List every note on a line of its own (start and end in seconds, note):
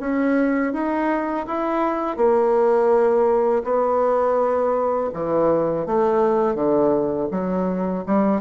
0.00 0.73 C#4
0.73 1.46 D#4
1.47 2.17 E4
2.17 3.63 A#3
3.64 5.10 B3
5.14 5.87 E3
5.87 6.55 A3
6.55 7.28 D3
7.31 8.05 F#3
8.07 8.41 G3